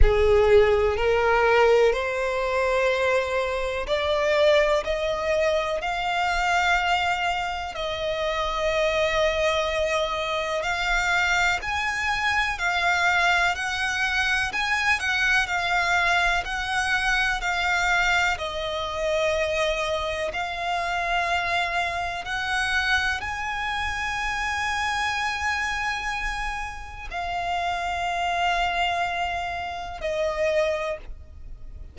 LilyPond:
\new Staff \with { instrumentName = "violin" } { \time 4/4 \tempo 4 = 62 gis'4 ais'4 c''2 | d''4 dis''4 f''2 | dis''2. f''4 | gis''4 f''4 fis''4 gis''8 fis''8 |
f''4 fis''4 f''4 dis''4~ | dis''4 f''2 fis''4 | gis''1 | f''2. dis''4 | }